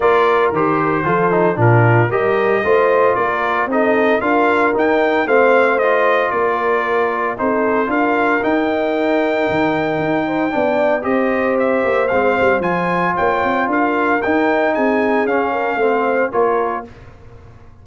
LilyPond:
<<
  \new Staff \with { instrumentName = "trumpet" } { \time 4/4 \tempo 4 = 114 d''4 c''2 ais'4 | dis''2 d''4 dis''4 | f''4 g''4 f''4 dis''4 | d''2 c''4 f''4 |
g''1~ | g''4 dis''4 e''4 f''4 | gis''4 g''4 f''4 g''4 | gis''4 f''2 cis''4 | }
  \new Staff \with { instrumentName = "horn" } { \time 4/4 ais'2 a'4 f'4 | ais'4 c''4 ais'4 a'4 | ais'2 c''2 | ais'2 a'4 ais'4~ |
ais'2.~ ais'8 c''8 | d''4 c''2.~ | c''4 cis''4 ais'2 | gis'4. ais'8 c''4 ais'4 | }
  \new Staff \with { instrumentName = "trombone" } { \time 4/4 f'4 g'4 f'8 dis'8 d'4 | g'4 f'2 dis'4 | f'4 dis'4 c'4 f'4~ | f'2 dis'4 f'4 |
dis'1 | d'4 g'2 c'4 | f'2. dis'4~ | dis'4 cis'4 c'4 f'4 | }
  \new Staff \with { instrumentName = "tuba" } { \time 4/4 ais4 dis4 f4 ais,4 | g4 a4 ais4 c'4 | d'4 dis'4 a2 | ais2 c'4 d'4 |
dis'2 dis4 dis'4 | b4 c'4. ais8 gis8 g8 | f4 ais8 c'8 d'4 dis'4 | c'4 cis'4 a4 ais4 | }
>>